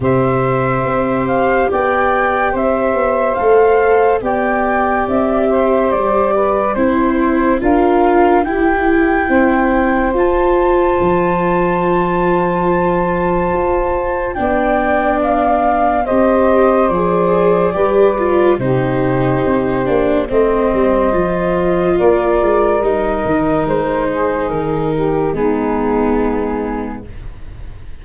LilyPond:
<<
  \new Staff \with { instrumentName = "flute" } { \time 4/4 \tempo 4 = 71 e''4. f''8 g''4 e''4 | f''4 g''4 e''4 d''4 | c''4 f''4 g''2 | a''1~ |
a''4 g''4 f''4 dis''4 | d''2 c''2 | dis''2 d''4 dis''4 | c''4 ais'4 gis'2 | }
  \new Staff \with { instrumentName = "saxophone" } { \time 4/4 c''2 d''4 c''4~ | c''4 d''4. c''4 b'8 | c''4 ais'4 g'4 c''4~ | c''1~ |
c''4 d''2 c''4~ | c''4 b'4 g'2 | c''2 ais'2~ | ais'8 gis'4 g'8 dis'2 | }
  \new Staff \with { instrumentName = "viola" } { \time 4/4 g'1 | a'4 g'2. | e'4 f'4 e'2 | f'1~ |
f'4 d'2 g'4 | gis'4 g'8 f'8 dis'4. d'8 | c'4 f'2 dis'4~ | dis'2 b2 | }
  \new Staff \with { instrumentName = "tuba" } { \time 4/4 c4 c'4 b4 c'8 b8 | a4 b4 c'4 g4 | c'4 d'4 e'4 c'4 | f'4 f2. |
f'4 b2 c'4 | f4 g4 c4 c'8 ais8 | a8 g8 f4 ais8 gis8 g8 dis8 | gis4 dis4 gis2 | }
>>